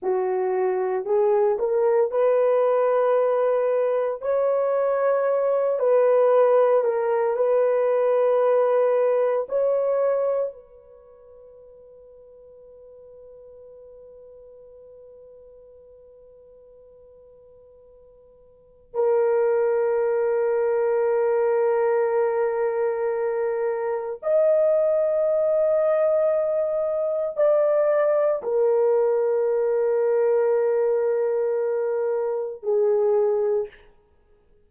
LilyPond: \new Staff \with { instrumentName = "horn" } { \time 4/4 \tempo 4 = 57 fis'4 gis'8 ais'8 b'2 | cis''4. b'4 ais'8 b'4~ | b'4 cis''4 b'2~ | b'1~ |
b'2 ais'2~ | ais'2. dis''4~ | dis''2 d''4 ais'4~ | ais'2. gis'4 | }